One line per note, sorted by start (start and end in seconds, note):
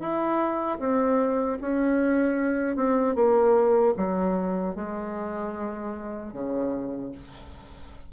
0.00 0.79 E4
0.80 1.59 C4
1.61 2.77 C#4
2.77 3.16 C4
3.16 3.95 A#3
3.97 4.76 F#3
4.76 6.33 G#3
6.33 7.12 C#3